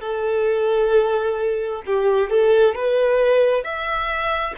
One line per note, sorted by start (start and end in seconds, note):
0.00 1.82 A4
1.86 2.30 G4
2.30 2.74 A4
2.74 3.64 B4
3.64 4.55 E5